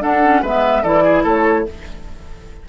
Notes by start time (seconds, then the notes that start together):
0.00 D4 A4 F#5
0.24 C#4
0.42 G#3 B3 B4 E5
0.83 E3 E4 A4 D5
1.05 G#4
1.23 A3 A4 C#5